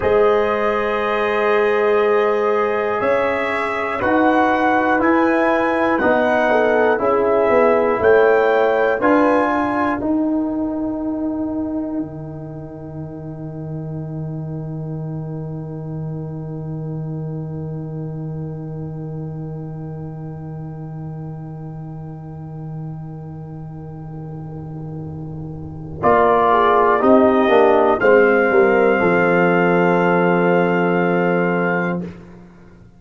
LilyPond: <<
  \new Staff \with { instrumentName = "trumpet" } { \time 4/4 \tempo 4 = 60 dis''2. e''4 | fis''4 gis''4 fis''4 e''4 | g''4 gis''4 g''2~ | g''1~ |
g''1~ | g''1~ | g''2 d''4 dis''4 | f''1 | }
  \new Staff \with { instrumentName = "horn" } { \time 4/4 c''2. cis''4 | b'2~ b'8 a'8 gis'4 | cis''4 b'8 ais'2~ ais'8~ | ais'1~ |
ais'1~ | ais'1~ | ais'2~ ais'8 gis'8 g'4 | c''8 ais'8 a'2. | }
  \new Staff \with { instrumentName = "trombone" } { \time 4/4 gis'1 | fis'4 e'4 dis'4 e'4~ | e'4 f'4 dis'2~ | dis'1~ |
dis'1~ | dis'1~ | dis'2 f'4 dis'8 d'8 | c'1 | }
  \new Staff \with { instrumentName = "tuba" } { \time 4/4 gis2. cis'4 | dis'4 e'4 b4 cis'8 b8 | a4 d'4 dis'2 | dis1~ |
dis1~ | dis1~ | dis2 ais4 c'8 ais8 | gis8 g8 f2. | }
>>